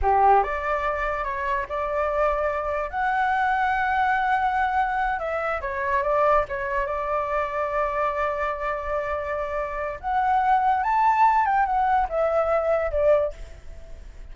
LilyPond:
\new Staff \with { instrumentName = "flute" } { \time 4/4 \tempo 4 = 144 g'4 d''2 cis''4 | d''2. fis''4~ | fis''1~ | fis''8 e''4 cis''4 d''4 cis''8~ |
cis''8 d''2.~ d''8~ | d''1 | fis''2 a''4. g''8 | fis''4 e''2 d''4 | }